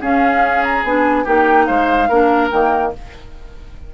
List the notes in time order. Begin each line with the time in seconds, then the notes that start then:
0.00 C#4 G#4 F5
0.63 A#5
0.83 B3 D4 G#5
1.24 A#3 D#4 G4 G5
1.66 G#3 C5 F5
2.08 A#3 D4 A#4
2.51 D#3 A#3 G5